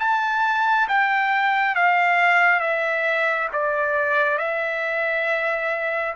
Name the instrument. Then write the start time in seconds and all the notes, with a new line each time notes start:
trumpet
0.00 A5
0.89 G5
1.76 F5
2.61 E5
3.53 D5
4.39 E5